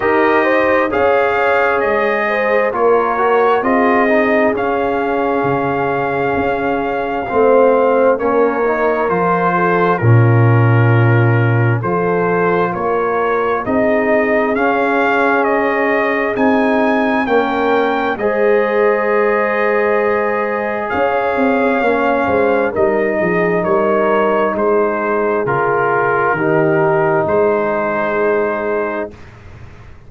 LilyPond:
<<
  \new Staff \with { instrumentName = "trumpet" } { \time 4/4 \tempo 4 = 66 dis''4 f''4 dis''4 cis''4 | dis''4 f''2.~ | f''4 cis''4 c''4 ais'4~ | ais'4 c''4 cis''4 dis''4 |
f''4 dis''4 gis''4 g''4 | dis''2. f''4~ | f''4 dis''4 cis''4 c''4 | ais'2 c''2 | }
  \new Staff \with { instrumentName = "horn" } { \time 4/4 ais'8 c''8 cis''4. c''8 ais'4 | gis'1 | c''4 ais'4. a'8 f'4~ | f'4 a'4 ais'4 gis'4~ |
gis'2. ais'4 | c''2. cis''4~ | cis''8 c''8 ais'8 gis'8 ais'4 gis'4~ | gis'4 g'4 gis'2 | }
  \new Staff \with { instrumentName = "trombone" } { \time 4/4 g'4 gis'2 f'8 fis'8 | f'8 dis'8 cis'2. | c'4 cis'8 dis'8 f'4 cis'4~ | cis'4 f'2 dis'4 |
cis'2 dis'4 cis'4 | gis'1 | cis'4 dis'2. | f'4 dis'2. | }
  \new Staff \with { instrumentName = "tuba" } { \time 4/4 dis'4 cis'4 gis4 ais4 | c'4 cis'4 cis4 cis'4 | a4 ais4 f4 ais,4~ | ais,4 f4 ais4 c'4 |
cis'2 c'4 ais4 | gis2. cis'8 c'8 | ais8 gis8 g8 f8 g4 gis4 | cis4 dis4 gis2 | }
>>